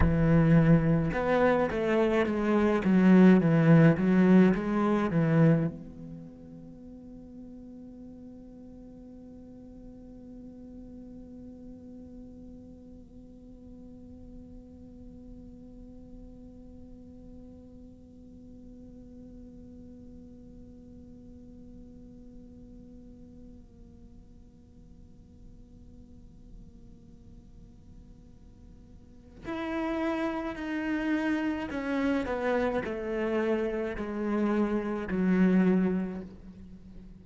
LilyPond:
\new Staff \with { instrumentName = "cello" } { \time 4/4 \tempo 4 = 53 e4 b8 a8 gis8 fis8 e8 fis8 | gis8 e8 b2.~ | b1~ | b1~ |
b1~ | b1~ | b2 e'4 dis'4 | cis'8 b8 a4 gis4 fis4 | }